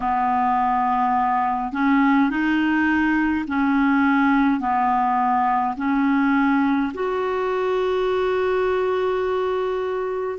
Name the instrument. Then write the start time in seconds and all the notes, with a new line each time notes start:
clarinet
0.00 B3
1.72 C#4
2.30 D#4
3.47 C#4
4.59 B3
5.76 C#4
6.93 F#4